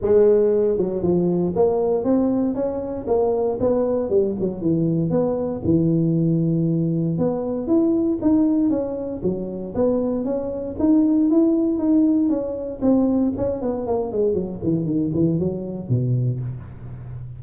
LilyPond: \new Staff \with { instrumentName = "tuba" } { \time 4/4 \tempo 4 = 117 gis4. fis8 f4 ais4 | c'4 cis'4 ais4 b4 | g8 fis8 e4 b4 e4~ | e2 b4 e'4 |
dis'4 cis'4 fis4 b4 | cis'4 dis'4 e'4 dis'4 | cis'4 c'4 cis'8 b8 ais8 gis8 | fis8 e8 dis8 e8 fis4 b,4 | }